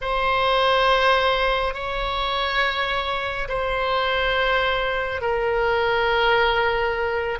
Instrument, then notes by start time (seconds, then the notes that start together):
oboe
0.01 C5
1.74 C#5
3.48 C5
5.21 A#4